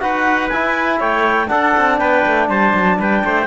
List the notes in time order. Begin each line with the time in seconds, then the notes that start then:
0.00 D#4 F#4 B4 F#5
0.49 E4 G#5
0.99 A3 C#5 G5
1.48 D4 A4 F#5
1.77 C4
1.98 B3 B4 G5
2.26 A3
2.49 G3 C5 A5
2.74 F#3
2.99 G3 B4 G5
3.24 A3 C5